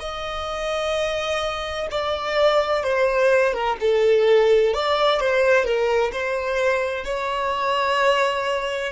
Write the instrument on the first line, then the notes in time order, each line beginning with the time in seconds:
violin
0.00 D#5
1.91 D5
2.83 C5
3.53 A#4
3.80 A4
4.74 D5
5.20 C5
5.65 A#4
6.12 C5
7.05 C#5